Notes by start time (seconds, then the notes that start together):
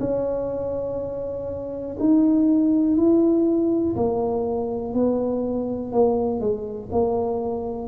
0.00 C#4
1.99 D#4
2.97 E4
3.96 A#3
4.94 B3
5.92 A#3
6.40 G#3
6.92 A#3